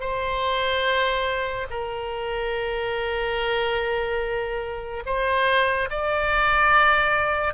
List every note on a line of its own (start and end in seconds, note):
0.00 1.67 C5
1.70 5.03 A#4
5.06 5.89 C5
5.90 7.54 D5